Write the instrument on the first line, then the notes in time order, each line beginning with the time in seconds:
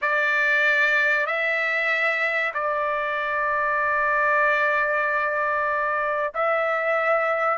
trumpet
0.01 D5
1.26 E5
2.53 D5
6.34 E5